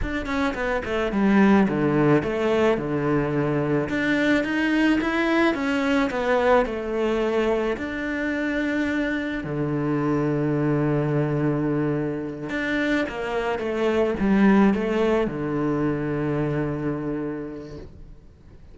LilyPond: \new Staff \with { instrumentName = "cello" } { \time 4/4 \tempo 4 = 108 d'8 cis'8 b8 a8 g4 d4 | a4 d2 d'4 | dis'4 e'4 cis'4 b4 | a2 d'2~ |
d'4 d2.~ | d2~ d8 d'4 ais8~ | ais8 a4 g4 a4 d8~ | d1 | }